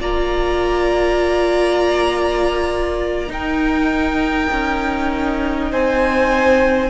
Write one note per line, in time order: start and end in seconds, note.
0.00 3.29 A#3
0.00 3.27 F4
0.00 3.30 D5
0.00 3.31 A#5
3.27 6.87 D#4
3.27 4.49 D#4
3.27 5.71 A#4
3.27 5.72 G5
4.52 5.72 C#4
5.71 6.90 C4
5.71 6.90 C5
5.71 6.90 G#5